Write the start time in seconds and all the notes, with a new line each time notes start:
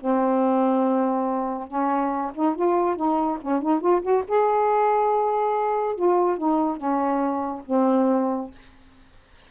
0.00 C4
1.68 C#4
2.34 D#4
2.56 F4
2.96 D#4
3.41 C#4
3.62 D#4
3.80 F4
4.02 F#4
4.28 G#4
5.96 F4
6.37 D#4
6.77 C#4
7.66 C4